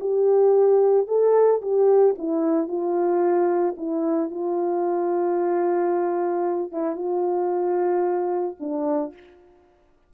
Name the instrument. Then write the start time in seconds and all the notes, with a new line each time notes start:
horn
0.00 G4
1.07 A4
1.62 G4
2.18 E4
2.68 F4
3.77 E4
4.31 F4
6.72 E4
6.95 F4
8.60 D4